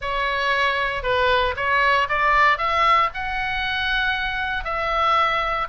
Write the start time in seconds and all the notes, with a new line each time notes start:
0.01 C#5
1.03 B4
1.56 C#5
2.09 D5
2.58 E5
3.14 F#5
4.64 E5